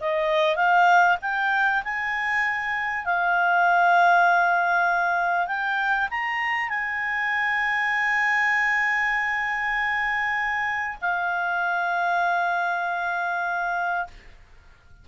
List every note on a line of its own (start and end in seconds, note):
0.00 0.56 D#5
0.56 1.17 F5
1.22 1.83 G5
1.84 3.05 G#5
3.05 5.47 F5
5.47 6.08 G5
6.10 6.69 A#5
6.69 10.98 G#5
11.01 14.07 F5